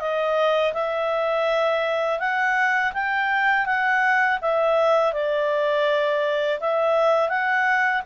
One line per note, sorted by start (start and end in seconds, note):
0.00 0.73 D#5
0.74 2.20 E5
2.20 2.93 F#5
2.94 3.66 G5
3.66 4.39 F#5
4.42 5.13 E5
5.13 6.60 D5
6.60 7.29 E5
7.29 8.03 F#5